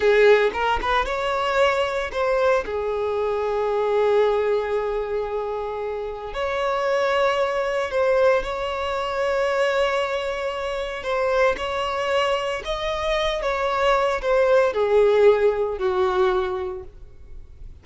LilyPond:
\new Staff \with { instrumentName = "violin" } { \time 4/4 \tempo 4 = 114 gis'4 ais'8 b'8 cis''2 | c''4 gis'2.~ | gis'1 | cis''2. c''4 |
cis''1~ | cis''4 c''4 cis''2 | dis''4. cis''4. c''4 | gis'2 fis'2 | }